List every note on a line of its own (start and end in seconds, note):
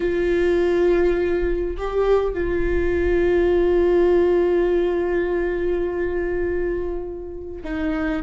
0.00 1.76 F4
1.77 2.33 G4
2.33 7.63 F4
7.64 8.22 D#4